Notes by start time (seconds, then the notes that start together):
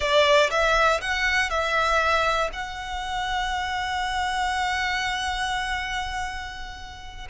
0.00 D5
0.50 E5
1.01 F#5
1.50 E5
2.52 F#5